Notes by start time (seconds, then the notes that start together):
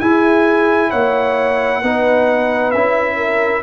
0.00 E4 G#4 G#5
0.90 A#3 C#5 F#5
1.82 B3 D#4 B4
2.71 C#4 E4 E5
3.16 A#4